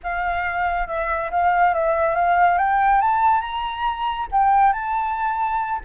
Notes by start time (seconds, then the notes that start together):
0.03 F5
0.87 E5
1.30 F5
1.73 E5
2.15 F5
2.58 G5
3.01 A5
3.41 A#5
4.31 G5
4.73 A5